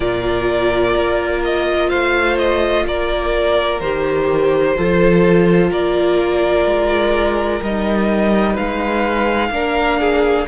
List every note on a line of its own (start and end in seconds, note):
0.00 0.94 A#2
0.00 3.80 F4
0.00 1.88 A#4
0.00 1.42 D5
0.96 1.91 A#3
1.43 1.89 D#5
1.88 2.86 A3
1.88 2.83 C5
1.88 2.37 F5
2.38 2.86 D#5
2.86 3.80 A#3
2.86 4.76 A#4
2.86 3.80 D5
3.80 4.76 D#3
3.80 4.77 G4
3.80 5.70 C5
4.76 5.71 F3
4.76 7.62 F4
4.76 5.70 A4
5.70 6.65 A#3
5.70 8.53 A#4
5.70 7.62 D5
6.65 7.61 G#3
7.61 8.56 G3
7.61 9.52 D#4
7.61 8.56 D#5
8.53 9.50 G#3
8.53 9.48 B4
8.53 10.47 F5
9.50 10.45 A#3
9.50 10.47 D4
9.50 10.00 A#4
10.00 10.47 G#4